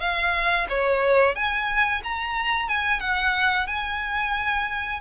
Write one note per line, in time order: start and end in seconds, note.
0.00 0.67 F5
0.69 1.35 C#5
1.35 2.02 G#5
2.03 2.68 A#5
2.68 3.00 G#5
3.00 3.67 F#5
3.67 5.00 G#5